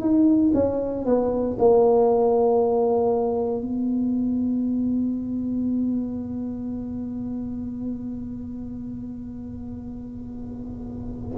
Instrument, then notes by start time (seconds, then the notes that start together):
tuba
0.00 D#4
0.54 C#4
1.05 B3
1.58 A#3
3.61 B3